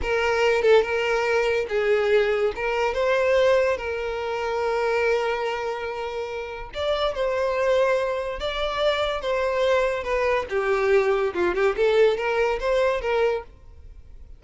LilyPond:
\new Staff \with { instrumentName = "violin" } { \time 4/4 \tempo 4 = 143 ais'4. a'8 ais'2 | gis'2 ais'4 c''4~ | c''4 ais'2.~ | ais'1 |
d''4 c''2. | d''2 c''2 | b'4 g'2 f'8 g'8 | a'4 ais'4 c''4 ais'4 | }